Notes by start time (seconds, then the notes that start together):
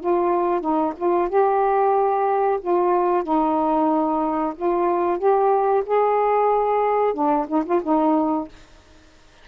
0.00 F4
0.60 D#4
0.96 F4
1.29 G4
2.61 F4
3.23 D#4
4.56 F4
5.18 G4
5.85 G#4
7.14 D4
7.47 D#4
7.65 F4
7.83 D#4